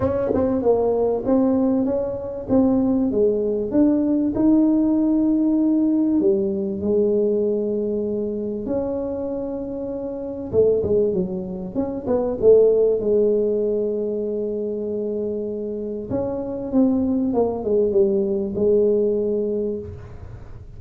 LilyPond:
\new Staff \with { instrumentName = "tuba" } { \time 4/4 \tempo 4 = 97 cis'8 c'8 ais4 c'4 cis'4 | c'4 gis4 d'4 dis'4~ | dis'2 g4 gis4~ | gis2 cis'2~ |
cis'4 a8 gis8 fis4 cis'8 b8 | a4 gis2.~ | gis2 cis'4 c'4 | ais8 gis8 g4 gis2 | }